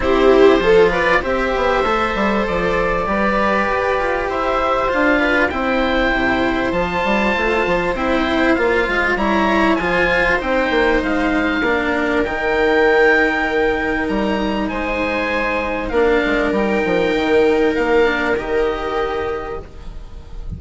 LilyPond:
<<
  \new Staff \with { instrumentName = "oboe" } { \time 4/4 \tempo 4 = 98 c''4. d''8 e''2 | d''2. e''4 | f''4 g''2 a''4~ | a''4 g''4 f''4 ais''4 |
gis''4 g''4 f''2 | g''2. ais''4 | gis''2 f''4 g''4~ | g''4 f''4 dis''2 | }
  \new Staff \with { instrumentName = "viola" } { \time 4/4 g'4 a'8 b'8 c''2~ | c''4 b'2 c''4~ | c''8 b'8 c''2.~ | c''2. cis''4 |
c''2. ais'4~ | ais'1 | c''2 ais'2~ | ais'1 | }
  \new Staff \with { instrumentName = "cello" } { \time 4/4 e'4 f'4 g'4 a'4~ | a'4 g'2. | f'4 e'2 f'4~ | f'4 e'4 f'4 e'4 |
f'4 dis'2 d'4 | dis'1~ | dis'2 d'4 dis'4~ | dis'4. d'8 g'2 | }
  \new Staff \with { instrumentName = "bassoon" } { \time 4/4 c'4 f4 c'8 b8 a8 g8 | f4 g4 g'8 f'8 e'4 | d'4 c'4 c4 f8 g8 | a8 f8 c'4 ais8 gis8 g4 |
f4 c'8 ais8 gis4 ais4 | dis2. g4 | gis2 ais8 gis8 g8 f8 | dis4 ais4 dis2 | }
>>